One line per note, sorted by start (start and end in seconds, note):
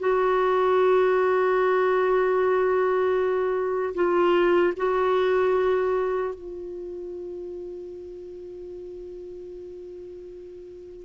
0.00 3.95 F#4
3.95 4.74 F4
4.77 6.35 F#4
6.35 11.06 F4